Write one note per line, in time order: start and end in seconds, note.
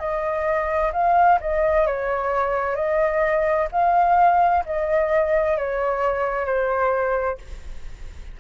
0.00 0.92 D#5
0.93 1.39 F5
1.41 1.87 D#5
1.87 2.76 C#5
2.76 3.68 D#5
3.73 4.65 F5
4.66 5.58 D#5
5.58 6.46 C#5
6.46 7.38 C5